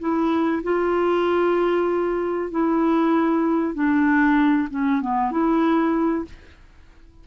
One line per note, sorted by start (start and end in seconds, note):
0.00 0.62 E4
0.64 2.51 F4
2.51 3.75 E4
3.75 4.68 D4
4.70 5.01 C#4
5.01 5.31 B3
5.31 6.25 E4